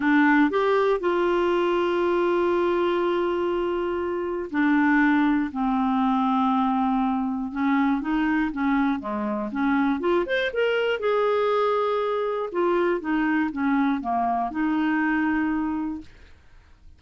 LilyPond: \new Staff \with { instrumentName = "clarinet" } { \time 4/4 \tempo 4 = 120 d'4 g'4 f'2~ | f'1~ | f'4 d'2 c'4~ | c'2. cis'4 |
dis'4 cis'4 gis4 cis'4 | f'8 c''8 ais'4 gis'2~ | gis'4 f'4 dis'4 cis'4 | ais4 dis'2. | }